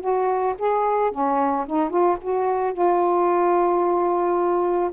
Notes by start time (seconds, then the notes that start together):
0.00 F#4
0.59 G#4
1.12 C#4
1.67 D#4
1.90 F4
2.21 F#4
2.73 F4